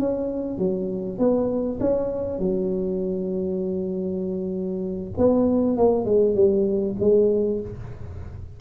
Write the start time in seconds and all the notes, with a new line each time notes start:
0.00 C#4
0.59 F#3
1.19 B3
1.80 C#4
2.39 F#3
5.18 B3
5.77 A#3
6.06 G#3
6.36 G3
7.01 G#3